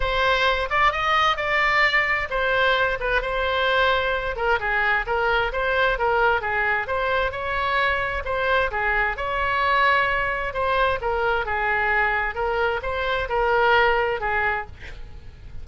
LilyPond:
\new Staff \with { instrumentName = "oboe" } { \time 4/4 \tempo 4 = 131 c''4. d''8 dis''4 d''4~ | d''4 c''4. b'8 c''4~ | c''4. ais'8 gis'4 ais'4 | c''4 ais'4 gis'4 c''4 |
cis''2 c''4 gis'4 | cis''2. c''4 | ais'4 gis'2 ais'4 | c''4 ais'2 gis'4 | }